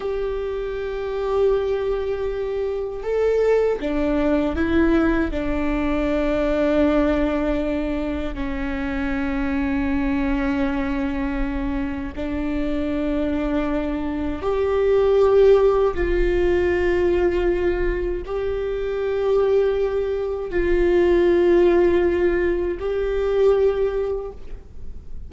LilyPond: \new Staff \with { instrumentName = "viola" } { \time 4/4 \tempo 4 = 79 g'1 | a'4 d'4 e'4 d'4~ | d'2. cis'4~ | cis'1 |
d'2. g'4~ | g'4 f'2. | g'2. f'4~ | f'2 g'2 | }